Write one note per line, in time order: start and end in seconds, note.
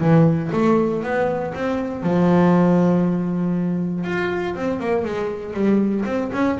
0.00 0.50 E3
0.52 1.03 A3
1.03 1.53 B3
1.54 2.03 C4
2.03 4.04 F3
4.04 4.54 F4
4.55 4.80 C4
4.80 5.04 A#3
5.04 5.53 G#3
5.53 6.04 G3
6.05 6.30 C4
6.33 6.58 C#4